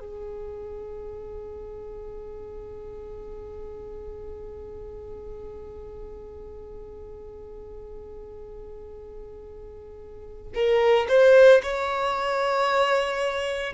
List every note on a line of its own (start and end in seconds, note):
0.00 10.53 G#4
10.55 11.07 A#4
11.09 11.62 C5
11.63 13.73 C#5